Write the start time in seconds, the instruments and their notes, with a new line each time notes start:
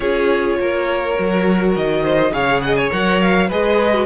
0.00 cello C#4, viola F4, violin G#4 C#5
0.59 cello A#3, violin A#4
1.18 cello F#3, viola F#4
1.75 cello D#3, violin D#5
2.03 violin C5
2.31 cello C#3, viola G#4, violin C#5 F5
2.60 violin D#5 F#5
2.75 violin C#5 G#5
2.90 cello F#3, viola A#4, violin F#5
3.21 violin F5
3.48 cello G#3, viola G#4, violin B4 D#5
3.94 viola F#4